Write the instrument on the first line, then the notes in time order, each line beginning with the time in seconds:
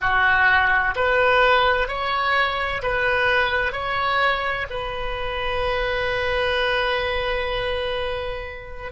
oboe
0.01 F#4
0.95 B4
1.87 C#5
2.82 B4
3.72 C#5
4.70 B4